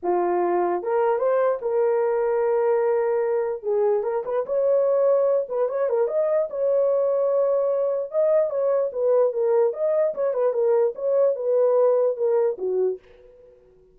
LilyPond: \new Staff \with { instrumentName = "horn" } { \time 4/4 \tempo 4 = 148 f'2 ais'4 c''4 | ais'1~ | ais'4 gis'4 ais'8 b'8 cis''4~ | cis''4. b'8 cis''8 ais'8 dis''4 |
cis''1 | dis''4 cis''4 b'4 ais'4 | dis''4 cis''8 b'8 ais'4 cis''4 | b'2 ais'4 fis'4 | }